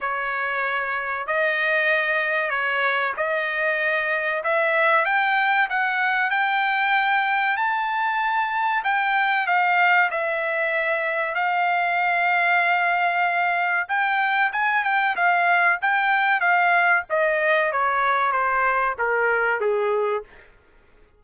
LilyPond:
\new Staff \with { instrumentName = "trumpet" } { \time 4/4 \tempo 4 = 95 cis''2 dis''2 | cis''4 dis''2 e''4 | g''4 fis''4 g''2 | a''2 g''4 f''4 |
e''2 f''2~ | f''2 g''4 gis''8 g''8 | f''4 g''4 f''4 dis''4 | cis''4 c''4 ais'4 gis'4 | }